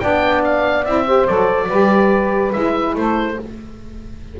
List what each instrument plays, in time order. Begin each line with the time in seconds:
0.00 double bass B3, saxophone D4 D5, oboe G5
0.44 oboe F5
0.85 double bass C4, saxophone E4, oboe E5
1.06 saxophone G4 C5
1.27 double bass F#3, saxophone A4, oboe D5
1.68 double bass G3, saxophone G4 B4
2.53 double bass G#3, saxophone E4, oboe E5
2.96 double bass A3, saxophone A4, oboe C5